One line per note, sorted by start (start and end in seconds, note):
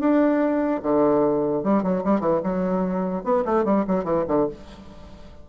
0.00 0.81 D4
0.83 1.63 D3
1.63 1.83 G3
1.83 2.03 F#3
2.04 2.20 G3
2.20 2.41 E3
2.44 3.24 F#3
3.24 3.44 B3
3.45 3.65 A3
3.65 3.85 G3
3.88 4.04 F#3
4.04 4.25 E3
4.28 4.48 D3